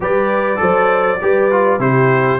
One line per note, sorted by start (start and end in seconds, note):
0.00 0.59 G3
0.00 0.56 G4
0.00 0.59 B4
0.00 1.80 D5
0.56 1.21 F#3
0.56 1.16 A4
0.56 1.20 C5
1.21 1.79 G3
1.21 1.51 G4
1.21 1.80 B4
1.51 1.79 F4
1.79 2.39 C3
1.79 2.39 E4
1.79 2.39 G4
1.79 2.39 C5